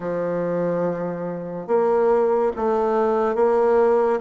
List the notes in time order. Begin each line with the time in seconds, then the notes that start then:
0.00 F3
1.67 A#3
2.56 A3
3.35 A#3